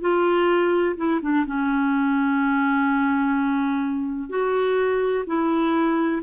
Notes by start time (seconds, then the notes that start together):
0.00 F4
0.96 E4
1.21 D4
1.46 C#4
4.29 F#4
5.26 E4